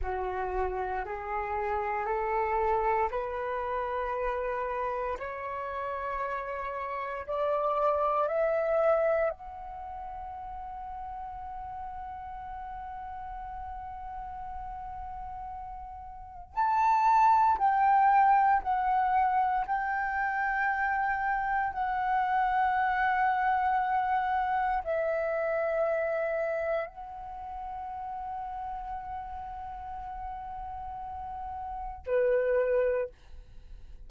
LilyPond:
\new Staff \with { instrumentName = "flute" } { \time 4/4 \tempo 4 = 58 fis'4 gis'4 a'4 b'4~ | b'4 cis''2 d''4 | e''4 fis''2.~ | fis''1 |
a''4 g''4 fis''4 g''4~ | g''4 fis''2. | e''2 fis''2~ | fis''2. b'4 | }